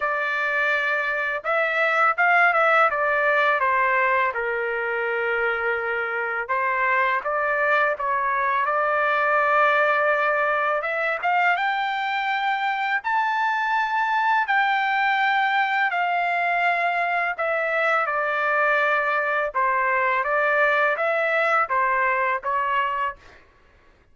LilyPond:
\new Staff \with { instrumentName = "trumpet" } { \time 4/4 \tempo 4 = 83 d''2 e''4 f''8 e''8 | d''4 c''4 ais'2~ | ais'4 c''4 d''4 cis''4 | d''2. e''8 f''8 |
g''2 a''2 | g''2 f''2 | e''4 d''2 c''4 | d''4 e''4 c''4 cis''4 | }